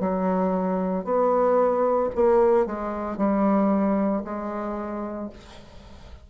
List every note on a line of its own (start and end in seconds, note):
0.00 1.05 F#3
1.05 2.10 B3
2.16 2.66 A#3
2.66 3.18 G#3
3.18 4.23 G3
4.25 5.30 G#3